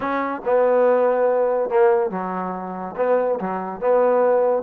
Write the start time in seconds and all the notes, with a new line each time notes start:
0.00 C#4
0.44 B3
1.69 A#3
2.10 F#3
2.96 B3
3.39 F#3
3.80 B3